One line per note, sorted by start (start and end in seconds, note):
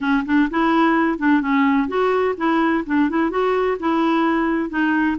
0.00 0.24 C#4
0.25 0.49 D4
0.50 1.18 E4
1.18 1.41 D4
1.41 1.88 C#4
1.88 2.35 F#4
2.37 2.84 E4
2.86 3.09 D4
3.09 3.30 E4
3.30 3.77 F#4
3.79 4.69 E4
4.69 5.16 D#4